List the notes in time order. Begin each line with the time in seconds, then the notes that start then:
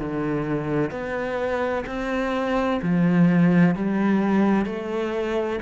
0.00 D3
0.91 B3
1.87 C4
2.83 F3
3.75 G3
4.66 A3